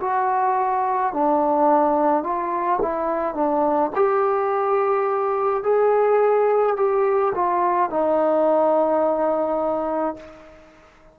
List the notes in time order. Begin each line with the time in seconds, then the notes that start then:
0.00 F#4
1.13 D4
2.23 F4
2.81 E4
3.34 D4
3.95 G4
5.63 G#4
6.76 G4
7.35 F4
7.90 D#4